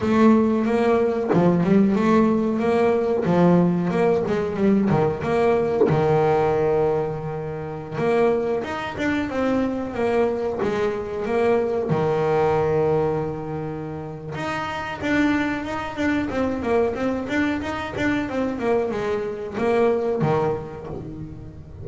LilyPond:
\new Staff \with { instrumentName = "double bass" } { \time 4/4 \tempo 4 = 92 a4 ais4 f8 g8 a4 | ais4 f4 ais8 gis8 g8 dis8 | ais4 dis2.~ | dis16 ais4 dis'8 d'8 c'4 ais8.~ |
ais16 gis4 ais4 dis4.~ dis16~ | dis2 dis'4 d'4 | dis'8 d'8 c'8 ais8 c'8 d'8 dis'8 d'8 | c'8 ais8 gis4 ais4 dis4 | }